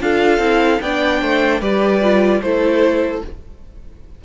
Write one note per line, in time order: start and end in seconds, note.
0.00 0.38 D4
0.00 0.41 F4
0.00 0.82 A4
0.00 0.81 F5
0.38 0.78 C4
0.38 0.81 E4
0.81 1.21 B3
0.81 1.61 D4
0.81 1.21 D5
0.81 1.61 G5
1.21 1.60 A3
1.21 1.60 C5
1.60 2.40 G3
1.60 2.01 G4
1.60 2.40 B4
1.60 2.41 D5
2.01 2.41 F4
2.41 3.21 A3
2.41 3.23 E4
2.41 3.24 A4
2.41 3.21 C5